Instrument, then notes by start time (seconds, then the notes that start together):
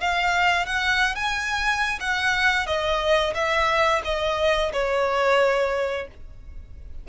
violin
0.00 F5
0.66 F#5
1.15 G#5
1.99 F#5
2.66 D#5
3.34 E5
4.04 D#5
4.73 C#5